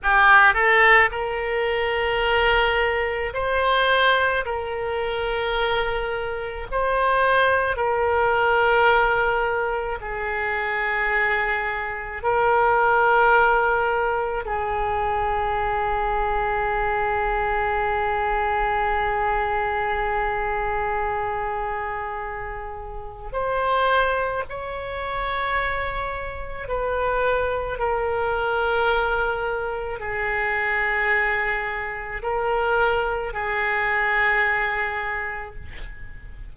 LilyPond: \new Staff \with { instrumentName = "oboe" } { \time 4/4 \tempo 4 = 54 g'8 a'8 ais'2 c''4 | ais'2 c''4 ais'4~ | ais'4 gis'2 ais'4~ | ais'4 gis'2.~ |
gis'1~ | gis'4 c''4 cis''2 | b'4 ais'2 gis'4~ | gis'4 ais'4 gis'2 | }